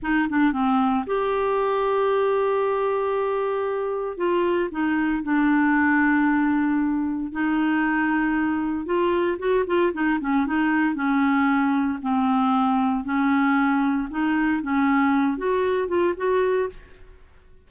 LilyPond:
\new Staff \with { instrumentName = "clarinet" } { \time 4/4 \tempo 4 = 115 dis'8 d'8 c'4 g'2~ | g'1 | f'4 dis'4 d'2~ | d'2 dis'2~ |
dis'4 f'4 fis'8 f'8 dis'8 cis'8 | dis'4 cis'2 c'4~ | c'4 cis'2 dis'4 | cis'4. fis'4 f'8 fis'4 | }